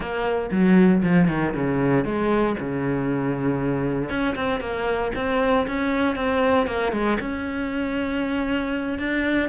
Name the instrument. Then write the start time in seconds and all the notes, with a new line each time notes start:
cello
0.00 A#3
0.51 F#3
1.02 F3
1.28 D#3
1.54 C#3
2.04 G#3
2.59 C#3
4.09 C#4
4.35 C4
4.60 A#3
5.15 C4
5.67 C#4
6.15 C4
6.66 A#3
6.92 G#3
7.20 C#4
8.99 D4